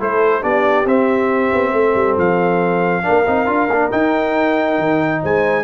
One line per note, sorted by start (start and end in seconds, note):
0.00 0.43 A3
0.00 0.42 E4
0.00 0.42 A4
0.00 0.43 C5
0.42 0.85 B3
0.42 0.86 D4
0.42 1.73 G4
0.42 0.87 D5
0.85 1.50 C4
0.85 3.03 C4
0.85 2.18 E5
1.53 1.73 B3
1.73 1.95 A3
1.73 3.04 A4
1.95 2.17 G3
2.17 3.04 F3
2.17 3.92 F5
3.03 3.24 D4
3.03 5.21 A#4
3.09 3.28 A#3
3.27 3.48 C4
3.27 3.46 D#4
3.46 3.68 D4
3.46 3.68 F4
3.68 3.90 A#3
3.68 3.91 D4
3.91 5.64 D#4
3.91 4.79 D#4
3.91 5.22 G5
4.79 5.22 D#3
5.22 5.64 G#3
5.22 5.64 C5
5.22 5.64 G#5